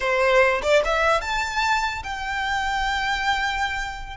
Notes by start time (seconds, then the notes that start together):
0.00 C5
0.62 D5
0.85 E5
1.21 A5
2.03 G5